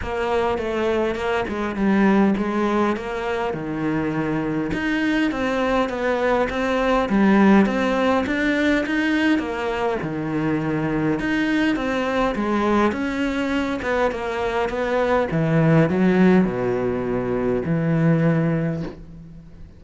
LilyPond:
\new Staff \with { instrumentName = "cello" } { \time 4/4 \tempo 4 = 102 ais4 a4 ais8 gis8 g4 | gis4 ais4 dis2 | dis'4 c'4 b4 c'4 | g4 c'4 d'4 dis'4 |
ais4 dis2 dis'4 | c'4 gis4 cis'4. b8 | ais4 b4 e4 fis4 | b,2 e2 | }